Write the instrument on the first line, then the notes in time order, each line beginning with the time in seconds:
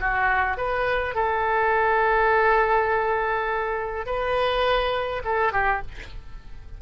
oboe
0.00 F#4
0.57 B4
1.15 A4
4.06 B4
5.24 A4
5.52 G4